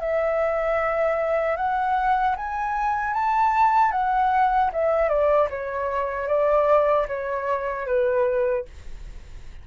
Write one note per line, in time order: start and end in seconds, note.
0.00 1.56 E5
1.56 2.35 F#5
2.36 3.14 G#5
3.14 3.92 A5
3.92 4.70 F#5
4.73 5.09 E5
5.09 5.48 D5
5.50 6.28 C#5
6.28 7.07 D5
7.08 7.86 C#5
7.86 8.65 B4